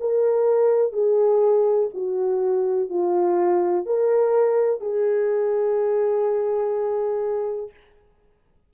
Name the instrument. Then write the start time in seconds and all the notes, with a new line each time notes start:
horn
0.00 A#4
0.92 G#4
1.94 F#4
2.89 F4
3.86 A#4
4.80 G#4